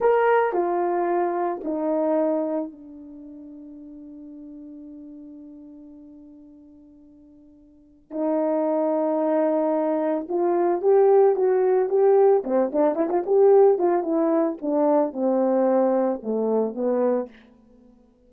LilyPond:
\new Staff \with { instrumentName = "horn" } { \time 4/4 \tempo 4 = 111 ais'4 f'2 dis'4~ | dis'4 d'2.~ | d'1~ | d'2. dis'4~ |
dis'2. f'4 | g'4 fis'4 g'4 c'8 d'8 | e'16 f'16 g'4 f'8 e'4 d'4 | c'2 a4 b4 | }